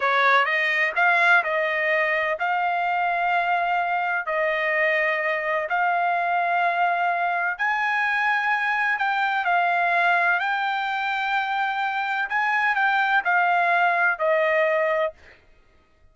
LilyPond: \new Staff \with { instrumentName = "trumpet" } { \time 4/4 \tempo 4 = 127 cis''4 dis''4 f''4 dis''4~ | dis''4 f''2.~ | f''4 dis''2. | f''1 |
gis''2. g''4 | f''2 g''2~ | g''2 gis''4 g''4 | f''2 dis''2 | }